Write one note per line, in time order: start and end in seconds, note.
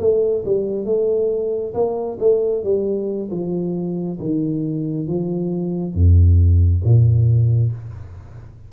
0.00 0.44 A3
0.45 0.85 G3
0.85 1.74 A3
1.74 2.18 A#3
2.20 2.64 A3
2.64 3.30 G3
3.31 4.19 F3
4.20 5.07 D#3
5.07 5.94 F3
5.94 6.82 F2
6.84 7.72 A#2